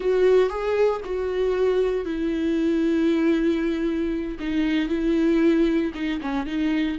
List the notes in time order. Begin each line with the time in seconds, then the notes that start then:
0.00 F#4
0.49 G#4
1.04 F#4
2.05 E4
4.39 D#4
4.89 E4
5.94 D#4
6.21 C#4
6.46 D#4